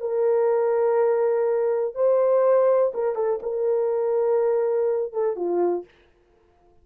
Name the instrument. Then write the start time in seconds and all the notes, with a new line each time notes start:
horn
0.00 A#4
1.94 C5
2.94 A#4
3.15 A4
3.42 A#4
5.12 A4
5.36 F4